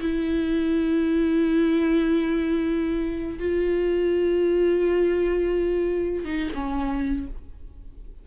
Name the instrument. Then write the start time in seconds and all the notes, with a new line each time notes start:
viola
0.00 E4
3.39 F4
6.25 D#4
6.55 C#4